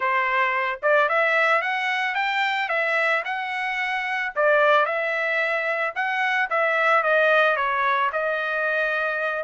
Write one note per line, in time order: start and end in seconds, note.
0.00 0.80 C5
0.82 1.08 D5
1.08 1.61 E5
1.61 2.14 F#5
2.14 2.68 G5
2.69 3.23 E5
3.24 4.32 F#5
4.35 4.85 D5
4.85 5.93 E5
5.95 6.49 F#5
6.50 7.03 E5
7.03 7.56 D#5
7.56 8.10 C#5
8.12 9.43 D#5